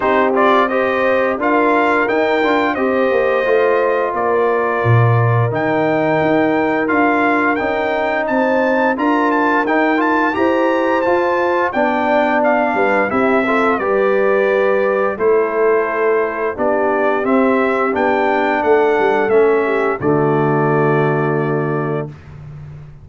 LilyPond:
<<
  \new Staff \with { instrumentName = "trumpet" } { \time 4/4 \tempo 4 = 87 c''8 d''8 dis''4 f''4 g''4 | dis''2 d''2 | g''2 f''4 g''4 | a''4 ais''8 a''8 g''8 a''8 ais''4 |
a''4 g''4 f''4 e''4 | d''2 c''2 | d''4 e''4 g''4 fis''4 | e''4 d''2. | }
  \new Staff \with { instrumentName = "horn" } { \time 4/4 g'4 c''4 ais'2 | c''2 ais'2~ | ais'1 | c''4 ais'2 c''4~ |
c''4 d''4. b'8 g'8 a'8 | b'2 a'2 | g'2. a'4~ | a'8 g'8 fis'2. | }
  \new Staff \with { instrumentName = "trombone" } { \time 4/4 dis'8 f'8 g'4 f'4 dis'8 f'8 | g'4 f'2. | dis'2 f'4 dis'4~ | dis'4 f'4 dis'8 f'8 g'4 |
f'4 d'2 e'8 f'8 | g'2 e'2 | d'4 c'4 d'2 | cis'4 a2. | }
  \new Staff \with { instrumentName = "tuba" } { \time 4/4 c'2 d'4 dis'8 d'8 | c'8 ais8 a4 ais4 ais,4 | dis4 dis'4 d'4 cis'4 | c'4 d'4 dis'4 e'4 |
f'4 b4. g8 c'4 | g2 a2 | b4 c'4 b4 a8 g8 | a4 d2. | }
>>